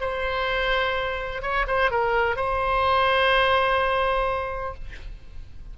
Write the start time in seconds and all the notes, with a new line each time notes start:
0.00 C5
1.42 C#5
1.67 C5
1.91 A#4
2.36 C5